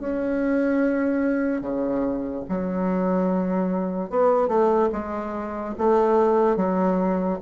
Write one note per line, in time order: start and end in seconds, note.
0.00 1.62 C#4
1.62 2.44 C#3
2.50 4.11 F#3
4.11 4.49 B3
4.49 4.90 A3
4.93 5.75 G#3
5.78 6.57 A3
6.57 7.39 F#3